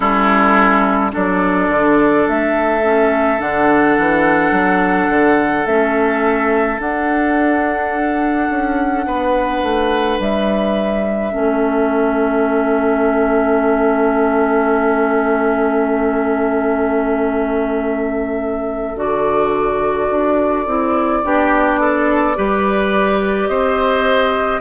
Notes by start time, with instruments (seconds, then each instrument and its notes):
0.00 bassoon G3, clarinet C#4, oboe E4, flute A4
1.11 bassoon F#3, clarinet D4, oboe A4, flute D5
1.68 bassoon D3
2.28 bassoon A3, flute E5
2.83 clarinet C#4
3.37 bassoon D3, clarinet D4, flute F#5
3.98 bassoon E3
4.51 bassoon F#3
5.08 bassoon D3
5.65 bassoon A3, clarinet C#4, flute E5
6.78 clarinet D4, bassoon D4, flute F#5
8.49 bassoon C#4
9.06 bassoon B3, oboe B4
9.62 bassoon A3
10.19 bassoon G3, flute E5
11.31 bassoon A3, clarinet C#4, oboe A4
18.95 bassoon D3, clarinet F#4, flute D5
20.10 bassoon D4
20.66 bassoon C4, clarinet E4
21.23 bassoon B3, clarinet D4, oboe G4
21.80 oboe A4
22.35 bassoon G3, clarinet G4, oboe B4
23.47 bassoon C4, oboe C5, flute D#5